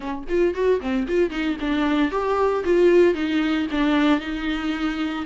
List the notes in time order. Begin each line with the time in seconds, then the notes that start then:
0.00 C#4
0.28 F4
0.54 F#4
0.80 C4
1.07 F4
1.30 D#4
1.60 D4
2.11 G4
2.64 F4
3.14 D#4
3.71 D4
4.20 D#4